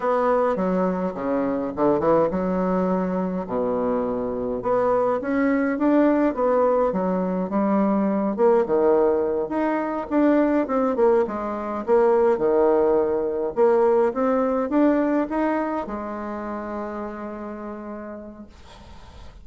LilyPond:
\new Staff \with { instrumentName = "bassoon" } { \time 4/4 \tempo 4 = 104 b4 fis4 cis4 d8 e8 | fis2 b,2 | b4 cis'4 d'4 b4 | fis4 g4. ais8 dis4~ |
dis8 dis'4 d'4 c'8 ais8 gis8~ | gis8 ais4 dis2 ais8~ | ais8 c'4 d'4 dis'4 gis8~ | gis1 | }